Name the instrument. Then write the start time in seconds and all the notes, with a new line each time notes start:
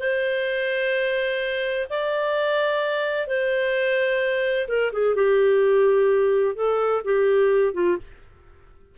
clarinet
0.00 C5
1.90 D5
3.27 C5
4.68 A#4
4.92 G#4
5.15 G4
6.55 A4
7.05 G4
7.74 F4